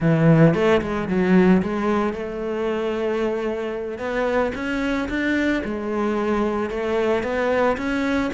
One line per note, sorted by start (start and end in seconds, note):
0.00 0.54 E3
0.54 0.81 A3
0.81 1.08 G#3
1.08 1.62 F#3
1.62 2.13 G#3
2.13 3.98 A3
3.98 4.51 B3
4.54 5.08 C#4
5.08 5.62 D4
5.64 6.70 G#3
6.70 7.23 A3
7.23 7.76 B3
7.77 8.30 C#4